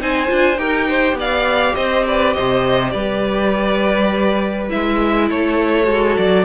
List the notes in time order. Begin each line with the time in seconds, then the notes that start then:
0.00 C4 D#4 C5 G#5
0.27 D4 F4
0.57 D#4 G4 A#4 G5
0.87 C5
1.13 B3 D5
1.20 F5
1.75 C4 C5 D#5
2.07 B4 D5
2.33 C3 C5 D#5
2.90 G3 B4 D5
4.69 G#3 E4 E5
5.28 A3 A4 C#5
5.84 G#3 F#4
6.17 F#3 D5